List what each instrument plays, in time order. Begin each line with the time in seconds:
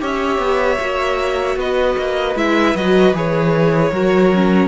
0.00 cello C#4, viola G4, violin C#5 E5
0.38 cello B3
0.81 cello A#3, viola F#4
1.57 cello B3, violin B4 D#5
1.99 cello A#3
2.36 cello G#3, viola E4, violin E5
2.75 cello F#3, viola F#4, violin D#5
3.13 cello E3, viola G#4, violin C#5
3.92 cello F#3, viola F#4, violin A#4
4.34 viola C#4